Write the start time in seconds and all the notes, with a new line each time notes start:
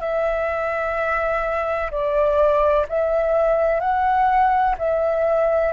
0.00 E5
1.91 D5
2.88 E5
3.80 F#5
4.78 E5